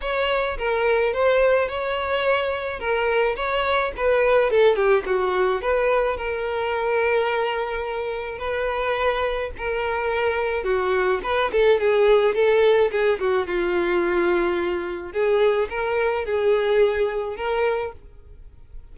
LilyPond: \new Staff \with { instrumentName = "violin" } { \time 4/4 \tempo 4 = 107 cis''4 ais'4 c''4 cis''4~ | cis''4 ais'4 cis''4 b'4 | a'8 g'8 fis'4 b'4 ais'4~ | ais'2. b'4~ |
b'4 ais'2 fis'4 | b'8 a'8 gis'4 a'4 gis'8 fis'8 | f'2. gis'4 | ais'4 gis'2 ais'4 | }